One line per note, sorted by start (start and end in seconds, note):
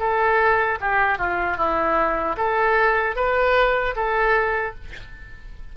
0.00 0.79 A4
0.81 1.19 G4
1.19 1.58 F4
1.58 2.36 E4
2.37 3.16 A4
3.16 3.95 B4
3.96 4.75 A4